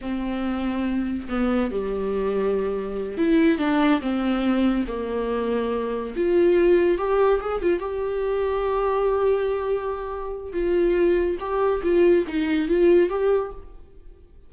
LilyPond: \new Staff \with { instrumentName = "viola" } { \time 4/4 \tempo 4 = 142 c'2. b4 | g2.~ g8 e'8~ | e'8 d'4 c'2 ais8~ | ais2~ ais8 f'4.~ |
f'8 g'4 gis'8 f'8 g'4.~ | g'1~ | g'4 f'2 g'4 | f'4 dis'4 f'4 g'4 | }